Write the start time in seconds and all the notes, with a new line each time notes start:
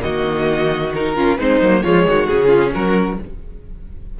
0.00 D#3 A#3 F#4 D#5
0.94 D#4 A#4
1.15 C#4 F4
1.38 G#3 C4 D#4 C5
1.61 F#3 A#3
1.83 F3 G#3 F4 C#5
2.05 D#3 F#4
2.27 C#3 C#4 G#4
2.47 F4
2.74 F#3 F#4 A#4